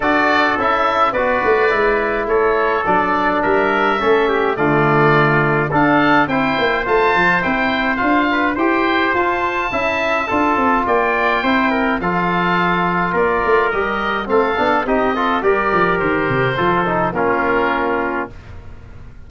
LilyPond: <<
  \new Staff \with { instrumentName = "oboe" } { \time 4/4 \tempo 4 = 105 d''4 e''4 d''2 | cis''4 d''4 e''2 | d''2 f''4 g''4 | a''4 g''4 f''4 g''4 |
a''2. g''4~ | g''4 f''2 d''4 | dis''4 f''4 dis''4 d''4 | c''2 ais'2 | }
  \new Staff \with { instrumentName = "trumpet" } { \time 4/4 a'2 b'2 | a'2 ais'4 a'8 g'8 | f'2 a'4 c''4~ | c''2~ c''8 b'8 c''4~ |
c''4 e''4 a'4 d''4 | c''8 ais'8 a'2 ais'4~ | ais'4 a'4 g'8 a'8 ais'4~ | ais'4 a'4 f'2 | }
  \new Staff \with { instrumentName = "trombone" } { \time 4/4 fis'4 e'4 fis'4 e'4~ | e'4 d'2 cis'4 | a2 d'4 e'4 | f'4 e'4 f'4 g'4 |
f'4 e'4 f'2 | e'4 f'2. | g'4 c'8 d'8 dis'8 f'8 g'4~ | g'4 f'8 dis'8 cis'2 | }
  \new Staff \with { instrumentName = "tuba" } { \time 4/4 d'4 cis'4 b8 a8 gis4 | a4 fis4 g4 a4 | d2 d'4 c'8 ais8 | a8 f8 c'4 d'4 e'4 |
f'4 cis'4 d'8 c'8 ais4 | c'4 f2 ais8 a8 | g4 a8 b8 c'4 g8 f8 | dis8 c8 f4 ais2 | }
>>